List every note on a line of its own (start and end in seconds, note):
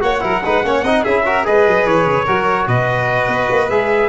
0.00 0.22 A#3
0.00 0.20 F#4
0.00 0.22 C#5
0.00 1.04 F#5
0.20 0.43 F#3
0.20 0.41 E4
0.20 0.43 A#4
0.45 0.63 G#3
0.45 0.64 D#4
0.45 0.65 B4
0.63 0.82 A#3
0.63 0.84 C#4
0.63 0.84 C#5
0.82 1.03 C4
0.82 1.06 D#4
0.82 1.02 D#5
1.02 1.46 C#4
1.02 1.24 E4
1.02 1.23 G#4
1.02 1.45 E5
1.24 1.43 F#4
1.24 1.46 A#4
1.43 1.67 G#3
1.43 2.25 G#4
1.43 2.24 B4
1.43 1.86 D#5
1.67 1.85 F#3
1.85 2.06 E3
1.85 2.67 C#5
2.06 2.26 C#3
2.24 2.66 F#3
2.24 3.69 F#4
2.24 2.65 A#4
2.66 3.27 B2
2.66 4.08 B4
2.66 3.69 D#5
3.27 3.47 B3
3.50 3.69 A#3
3.69 4.08 G#3
3.69 4.08 G#4
3.69 4.08 E5